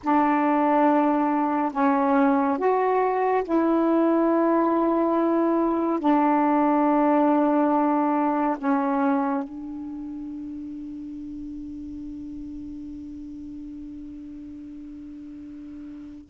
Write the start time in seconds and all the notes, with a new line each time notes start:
0.03 D4
1.72 C#4
2.58 F#4
3.44 E4
5.99 D4
8.58 C#4
9.43 D4